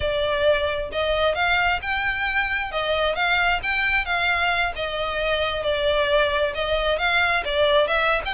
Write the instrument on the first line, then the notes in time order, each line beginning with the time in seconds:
violin
0.00 D5
0.91 D#5
1.34 F5
1.82 G5
2.71 D#5
3.15 F5
3.63 G5
4.05 F5
4.75 D#5
5.63 D5
6.54 D#5
6.98 F5
7.44 D5
7.87 E5
8.25 G5